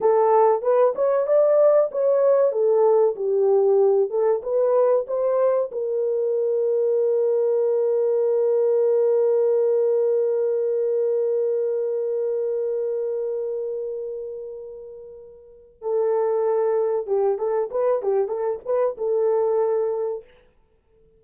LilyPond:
\new Staff \with { instrumentName = "horn" } { \time 4/4 \tempo 4 = 95 a'4 b'8 cis''8 d''4 cis''4 | a'4 g'4. a'8 b'4 | c''4 ais'2.~ | ais'1~ |
ais'1~ | ais'1~ | ais'4 a'2 g'8 a'8 | b'8 g'8 a'8 b'8 a'2 | }